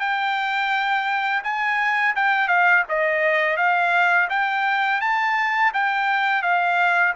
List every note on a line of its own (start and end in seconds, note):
0.00 1.43 G5
1.44 2.15 G#5
2.15 2.48 G5
2.48 2.84 F5
2.89 3.57 D#5
3.57 4.28 F5
4.30 5.01 G5
5.01 5.72 A5
5.74 6.42 G5
6.42 7.14 F5